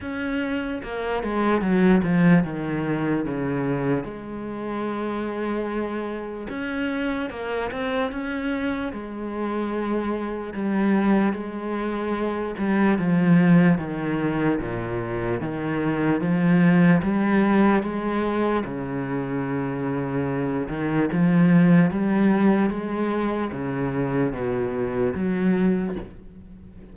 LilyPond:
\new Staff \with { instrumentName = "cello" } { \time 4/4 \tempo 4 = 74 cis'4 ais8 gis8 fis8 f8 dis4 | cis4 gis2. | cis'4 ais8 c'8 cis'4 gis4~ | gis4 g4 gis4. g8 |
f4 dis4 ais,4 dis4 | f4 g4 gis4 cis4~ | cis4. dis8 f4 g4 | gis4 cis4 b,4 fis4 | }